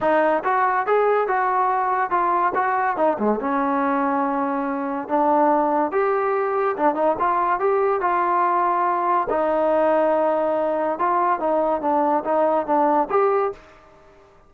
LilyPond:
\new Staff \with { instrumentName = "trombone" } { \time 4/4 \tempo 4 = 142 dis'4 fis'4 gis'4 fis'4~ | fis'4 f'4 fis'4 dis'8 gis8 | cis'1 | d'2 g'2 |
d'8 dis'8 f'4 g'4 f'4~ | f'2 dis'2~ | dis'2 f'4 dis'4 | d'4 dis'4 d'4 g'4 | }